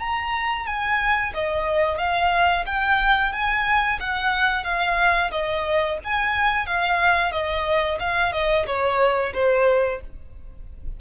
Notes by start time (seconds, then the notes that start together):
0.00 A#5
0.67 G#5
1.35 D#5
1.98 F5
2.66 G5
3.33 G#5
4.00 F#5
4.65 F5
5.32 D#5
6.05 G#5
6.67 F5
7.32 D#5
8.00 F5
8.33 D#5
8.67 C#5
9.34 C5